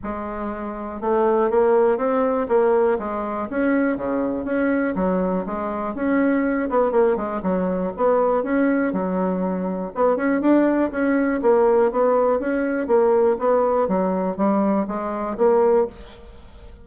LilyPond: \new Staff \with { instrumentName = "bassoon" } { \time 4/4 \tempo 4 = 121 gis2 a4 ais4 | c'4 ais4 gis4 cis'4 | cis4 cis'4 fis4 gis4 | cis'4. b8 ais8 gis8 fis4 |
b4 cis'4 fis2 | b8 cis'8 d'4 cis'4 ais4 | b4 cis'4 ais4 b4 | fis4 g4 gis4 ais4 | }